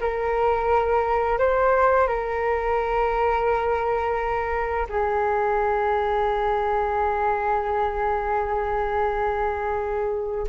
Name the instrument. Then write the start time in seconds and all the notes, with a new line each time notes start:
flute
0.00 A#4
1.38 C5
2.07 A#4
4.89 G#4